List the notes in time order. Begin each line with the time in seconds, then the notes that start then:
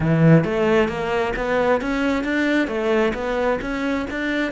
0.00 E3
0.44 A3
0.88 A#3
1.36 B3
1.81 C#4
2.24 D4
2.67 A3
3.14 B3
3.61 C#4
4.10 D4